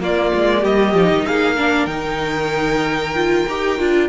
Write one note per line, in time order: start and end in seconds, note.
0.00 0.32 A#3
0.00 0.95 A#3
0.00 0.61 F4
0.00 0.65 D5
0.35 0.65 G#3
0.61 0.94 G3
0.61 1.24 G4
0.61 1.26 D#5
0.94 1.10 F3
0.94 1.57 D#4
1.11 1.26 D#3
1.26 1.87 A#3
1.26 1.57 G#4
1.26 1.86 F5
1.57 1.89 D4
1.57 4.09 A#4
1.86 3.45 D#3
1.86 3.15 D#4
1.86 4.07 G5
3.15 3.47 F4
3.49 3.79 D#4
3.49 3.79 G4
3.79 4.10 D4
3.79 4.10 F4